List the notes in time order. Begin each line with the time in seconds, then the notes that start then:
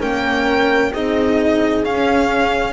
0.00 A#3 C#4 A#4 G5
0.92 C4 D#4 G#4 D#5
1.83 C#4 F5